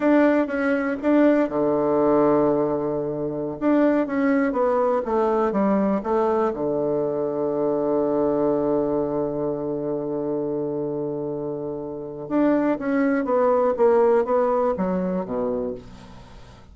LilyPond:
\new Staff \with { instrumentName = "bassoon" } { \time 4/4 \tempo 4 = 122 d'4 cis'4 d'4 d4~ | d2.~ d16 d'8.~ | d'16 cis'4 b4 a4 g8.~ | g16 a4 d2~ d8.~ |
d1~ | d1~ | d4 d'4 cis'4 b4 | ais4 b4 fis4 b,4 | }